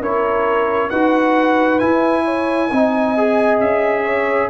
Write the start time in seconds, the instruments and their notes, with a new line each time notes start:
0.00 tuba C#4, trombone E4, horn A#4, trumpet C#5
0.89 tuba D#4, trombone F#4, horn B4, trumpet F#5
1.79 trombone E4, tuba E4, trumpet G#5
2.25 horn C#5
2.71 tuba C4, trombone D#4, horn D#5
3.18 trombone G#4
3.60 tuba C#4, trumpet E5
4.04 horn C#5